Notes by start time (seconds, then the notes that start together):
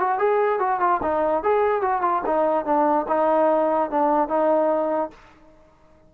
0.00 F#4
0.19 G#4
0.60 F#4
0.80 F4
1.03 D#4
1.43 G#4
1.82 F#4
2.02 F4
2.26 D#4
2.65 D4
3.08 D#4
3.91 D4
4.29 D#4